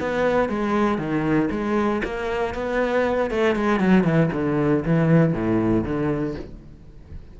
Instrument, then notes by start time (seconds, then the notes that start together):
cello
0.00 B3
0.49 G#3
0.98 D#3
1.51 G#3
2.04 A#3
2.54 B3
3.31 A3
3.55 G#3
3.80 F#3
4.04 E3
4.33 D3
4.86 E3
5.33 A2
5.84 D3